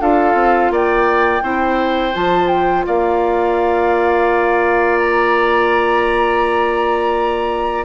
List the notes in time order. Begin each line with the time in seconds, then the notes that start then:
0.00 D4 F4 A4 F5
0.35 C4
0.71 A#3 D5 G5
1.42 C4 E4 C5
2.13 F3 F4 A5
2.48 G5
2.86 A#3 D5 F5
4.99 A#5